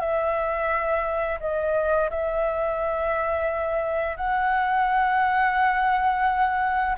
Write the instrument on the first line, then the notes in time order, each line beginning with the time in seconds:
flute
0.00 E5
1.40 D#5
2.10 E5
4.17 F#5